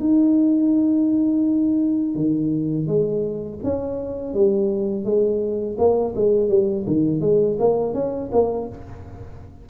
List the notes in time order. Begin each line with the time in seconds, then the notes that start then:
0.00 D#4
2.15 D#3
2.88 G#3
3.64 C#4
4.34 G3
5.05 G#3
5.79 A#3
6.16 G#3
6.50 G3
6.87 D#3
7.21 G#3
7.60 A#3
7.95 C#4
8.33 A#3